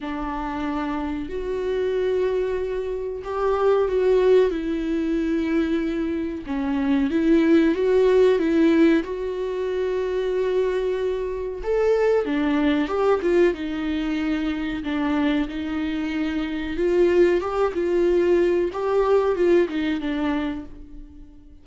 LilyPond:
\new Staff \with { instrumentName = "viola" } { \time 4/4 \tempo 4 = 93 d'2 fis'2~ | fis'4 g'4 fis'4 e'4~ | e'2 cis'4 e'4 | fis'4 e'4 fis'2~ |
fis'2 a'4 d'4 | g'8 f'8 dis'2 d'4 | dis'2 f'4 g'8 f'8~ | f'4 g'4 f'8 dis'8 d'4 | }